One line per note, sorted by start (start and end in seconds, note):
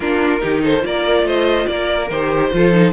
0.00 0.42 A#3
0.00 0.40 D4
0.00 0.41 F4
0.00 0.62 A#4
0.40 0.84 D#3
0.40 0.80 D#4
0.40 0.62 G4
0.63 0.84 A4
0.63 0.85 C5
0.80 1.22 A#3
0.80 2.06 F4
0.80 1.26 A#4
0.80 1.27 D5
1.22 1.64 A3
1.22 1.68 C5
1.22 1.67 D#5
1.67 2.10 A#3
1.67 2.51 A#4
1.67 2.09 D5
2.10 2.52 D#3
2.10 2.52 G4
2.10 2.92 C5
2.52 2.92 F3
2.52 2.72 F4
2.52 2.92 A4
2.72 2.92 D#4